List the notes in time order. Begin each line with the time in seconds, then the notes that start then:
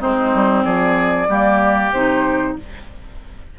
0.00 G#3 C4 D#4 C5
0.34 G3
0.64 F3 G#4 D5
1.28 G3 A#3 G4
1.92 C3 D#4 C5